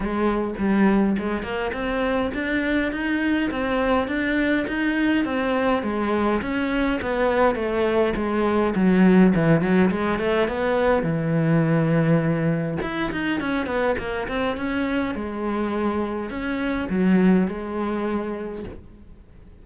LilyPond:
\new Staff \with { instrumentName = "cello" } { \time 4/4 \tempo 4 = 103 gis4 g4 gis8 ais8 c'4 | d'4 dis'4 c'4 d'4 | dis'4 c'4 gis4 cis'4 | b4 a4 gis4 fis4 |
e8 fis8 gis8 a8 b4 e4~ | e2 e'8 dis'8 cis'8 b8 | ais8 c'8 cis'4 gis2 | cis'4 fis4 gis2 | }